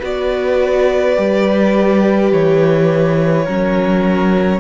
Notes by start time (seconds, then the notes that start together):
0.00 B3 F#4 B4 D5
1.16 G3 G4
2.32 E3 C#5
3.45 F#3 C#4 A#4